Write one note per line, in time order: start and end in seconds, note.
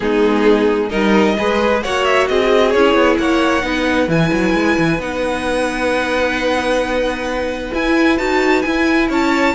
0.00 0.91 G#3
0.00 0.88 B3
0.00 0.89 D#4
0.00 0.89 G#4
0.89 1.37 G3
0.89 1.35 D#4
0.89 1.35 A#4
0.89 1.80 D#5
1.38 1.84 G#3
1.38 1.83 G#4
1.38 1.83 B4
1.82 2.29 A#3
1.82 2.74 F#4
1.82 2.28 C#5
1.82 2.04 F#5
2.04 2.27 E5
2.27 2.74 C4
2.27 3.20 G#4
2.27 2.70 D#5
2.70 2.94 C#4
2.70 3.61 E4
2.70 3.16 C#5
2.94 3.16 B3
3.18 3.62 A#3
3.18 3.65 C#5
3.18 4.09 F#5
3.61 4.08 B3
3.61 4.07 D#4
3.61 9.08 B4
4.08 4.30 E3
4.08 4.99 E4
4.08 5.01 G#5
4.32 4.53 F#3
4.53 4.76 G#3
4.78 4.98 E3
4.98 7.71 B3
4.98 7.73 D#4
4.98 7.73 F#5
7.73 8.17 E4
7.73 8.18 E4
7.73 8.18 G#5
8.17 8.64 D#4
8.17 8.63 F#4
8.17 8.62 A5
8.62 9.55 E4
8.62 9.09 E4
8.62 9.07 G#5
9.08 9.55 C#4
9.08 9.54 C#5
9.08 9.55 A5